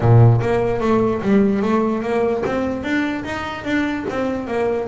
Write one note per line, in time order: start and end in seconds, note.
0.00 0.40 A#2
0.41 0.80 A#3
0.80 1.21 A3
1.22 1.62 G3
1.62 2.02 A3
2.02 2.43 A#3
2.46 2.83 C4
2.83 3.24 D4
3.24 3.64 D#4
3.64 4.05 D4
4.09 4.47 C4
4.47 4.88 A#3